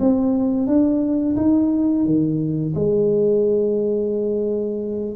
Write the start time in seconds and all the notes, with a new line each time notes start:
0.00 C4
0.67 D4
1.37 D#4
2.06 D#3
2.75 G#3